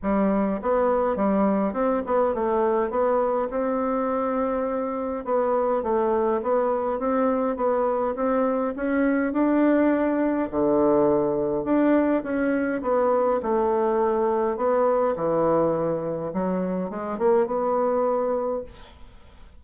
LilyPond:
\new Staff \with { instrumentName = "bassoon" } { \time 4/4 \tempo 4 = 103 g4 b4 g4 c'8 b8 | a4 b4 c'2~ | c'4 b4 a4 b4 | c'4 b4 c'4 cis'4 |
d'2 d2 | d'4 cis'4 b4 a4~ | a4 b4 e2 | fis4 gis8 ais8 b2 | }